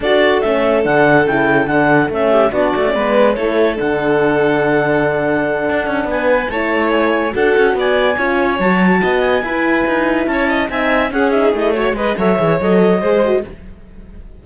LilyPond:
<<
  \new Staff \with { instrumentName = "clarinet" } { \time 4/4 \tempo 4 = 143 d''4 e''4 fis''4 g''4 | fis''4 e''4 d''2 | cis''4 fis''2.~ | fis''2~ fis''8 gis''4 a''8~ |
a''8 gis''4 fis''4 gis''4.~ | gis''8 a''4. gis''2~ | gis''8 a''4 gis''4 fis''8 e''8 dis''8 | cis''8 dis''8 e''4 dis''2 | }
  \new Staff \with { instrumentName = "violin" } { \time 4/4 a'1~ | a'4. g'8 fis'4 b'4 | a'1~ | a'2~ a'8 b'4 cis''8~ |
cis''4. a'4 d''4 cis''8~ | cis''4. dis''4 b'4.~ | b'8 cis''8 dis''8 e''4 gis'4. | cis''8 b'8 cis''2 c''4 | }
  \new Staff \with { instrumentName = "horn" } { \time 4/4 fis'4 cis'4 d'4 e'4 | d'4 cis'4 d'8. cis'16 b4 | e'4 d'2.~ | d'2.~ d'8 e'8~ |
e'4. fis'2 f'8~ | f'8 fis'2 e'4.~ | e'4. dis'4 cis'8 dis'8 e'8 | fis'8 gis'8 a'8 gis'8 a'4 gis'8 fis'8 | }
  \new Staff \with { instrumentName = "cello" } { \time 4/4 d'4 a4 d4 cis4 | d4 a4 b8 a8 gis4 | a4 d2.~ | d4. d'8 cis'8 b4 a8~ |
a4. d'8 cis'8 b4 cis'8~ | cis'8 fis4 b4 e'4 dis'8~ | dis'8 cis'4 c'4 cis'4 a8~ | a8 gis8 fis8 e8 fis4 gis4 | }
>>